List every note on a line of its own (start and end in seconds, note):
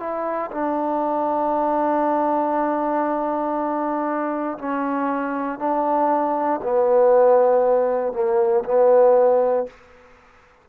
0.00 0.51 E4
0.52 4.59 D4
4.59 5.59 C#4
5.59 6.61 D4
6.63 8.13 B3
8.13 8.64 A#3
8.65 9.67 B3